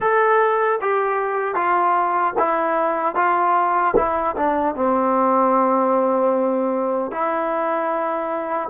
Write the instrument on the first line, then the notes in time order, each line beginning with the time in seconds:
trombone
0.00 A4
0.81 G4
1.54 F4
2.38 E4
3.15 F4
3.96 E4
4.36 D4
4.75 C4
7.11 E4